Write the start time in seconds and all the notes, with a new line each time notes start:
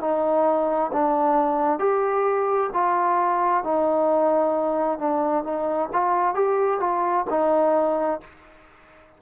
0.00 D#4
0.92 D4
1.79 G4
2.73 F4
3.64 D#4
4.98 D4
5.43 D#4
5.92 F4
6.34 G4
6.79 F4
7.29 D#4